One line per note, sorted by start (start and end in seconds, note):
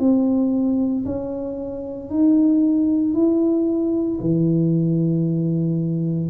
0.00 1.05 C4
1.06 2.11 C#4
2.11 3.14 D#4
3.14 4.20 E4
4.21 6.30 E3